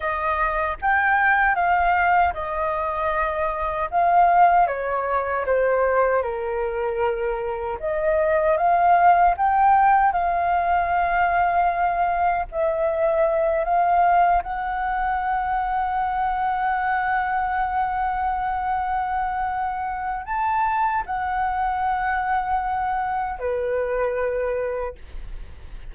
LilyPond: \new Staff \with { instrumentName = "flute" } { \time 4/4 \tempo 4 = 77 dis''4 g''4 f''4 dis''4~ | dis''4 f''4 cis''4 c''4 | ais'2 dis''4 f''4 | g''4 f''2. |
e''4. f''4 fis''4.~ | fis''1~ | fis''2 a''4 fis''4~ | fis''2 b'2 | }